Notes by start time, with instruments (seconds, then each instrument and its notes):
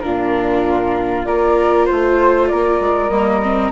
0.00 bassoon A#2, viola D4, flute F4 A#4
1.24 bassoon A#3, viola F4, flute A#4 D5
1.85 bassoon A3, flute C5
2.48 bassoon A#3, flute A#4 D5
2.79 bassoon G#3
3.08 bassoon G3, viola A#3, flute D#5
3.42 viola C4